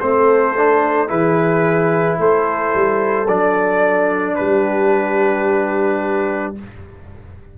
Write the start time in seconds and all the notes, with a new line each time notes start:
0.00 A3 C4 A4 C5
0.57 D4
1.08 E3 E4 G#4 B4
2.19 A3 A4 C5
2.74 G3
3.28 F#3 D4 D5
4.35 G3 G4 B4